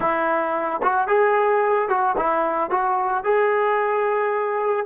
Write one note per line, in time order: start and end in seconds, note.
0.00 0.81 E4
0.83 1.07 F#4
1.07 1.88 G#4
1.88 2.15 F#4
2.17 2.70 E4
2.70 3.23 F#4
3.23 4.86 G#4